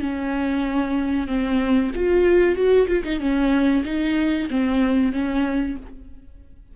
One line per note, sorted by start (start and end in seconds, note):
0.00 1.27 C#4
1.27 1.91 C4
1.95 2.55 F4
2.55 2.87 F#4
2.88 3.03 F4
3.04 3.20 D#4
3.20 3.84 C#4
3.84 4.48 D#4
4.50 5.12 C4
5.12 5.76 C#4